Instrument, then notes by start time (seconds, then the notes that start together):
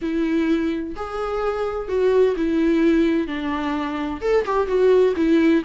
viola
0.01 E4
0.96 G#4
1.88 F#4
2.36 E4
3.27 D4
4.21 A4
4.45 G4
4.67 F#4
5.16 E4